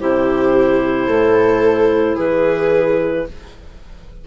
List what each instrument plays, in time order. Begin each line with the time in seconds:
0.00 bassoon C3, clarinet E4 C5, viola G4
1.07 bassoon A2, viola A4
2.15 bassoon E3, viola G#4, clarinet B4